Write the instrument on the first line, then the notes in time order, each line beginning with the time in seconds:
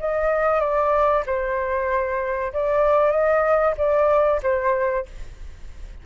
flute
0.00 D#5
0.60 D5
1.27 C5
2.53 D5
3.11 D#5
3.78 D5
4.43 C5